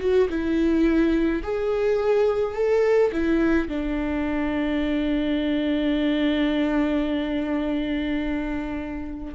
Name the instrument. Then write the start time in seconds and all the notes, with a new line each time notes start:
viola
0.00 F#4
0.30 E4
1.44 G#4
2.55 A4
3.13 E4
3.69 D4